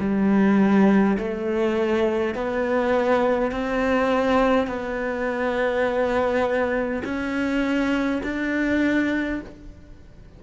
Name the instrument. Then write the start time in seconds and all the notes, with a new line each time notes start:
cello
0.00 G3
1.19 A3
2.35 B3
3.52 C4
4.67 B3
7.05 C#4
8.24 D4